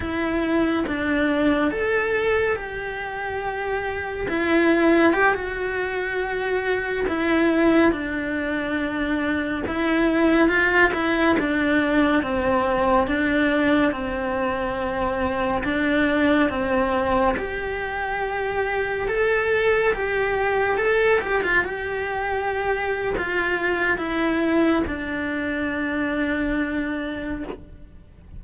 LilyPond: \new Staff \with { instrumentName = "cello" } { \time 4/4 \tempo 4 = 70 e'4 d'4 a'4 g'4~ | g'4 e'4 g'16 fis'4.~ fis'16~ | fis'16 e'4 d'2 e'8.~ | e'16 f'8 e'8 d'4 c'4 d'8.~ |
d'16 c'2 d'4 c'8.~ | c'16 g'2 a'4 g'8.~ | g'16 a'8 g'16 f'16 g'4.~ g'16 f'4 | e'4 d'2. | }